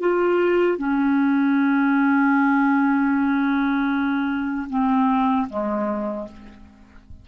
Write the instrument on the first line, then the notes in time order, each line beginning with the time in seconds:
clarinet
0.00 F4
0.78 C#4
4.70 C4
5.50 G#3